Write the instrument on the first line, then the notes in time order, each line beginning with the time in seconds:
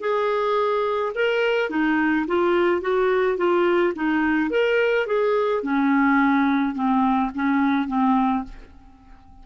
clarinet
0.00 G#4
1.15 A#4
1.69 D#4
2.27 F4
2.81 F#4
3.37 F4
3.95 D#4
4.50 A#4
5.06 G#4
5.63 C#4
6.75 C4
7.34 C#4
7.87 C4